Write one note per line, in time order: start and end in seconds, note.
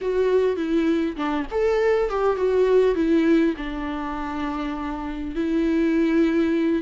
0.01 0.56 F#4
0.56 1.16 E4
1.16 1.46 D4
1.51 2.09 A4
2.09 2.36 G4
2.36 2.95 F#4
2.95 3.54 E4
3.56 5.35 D4
5.35 6.82 E4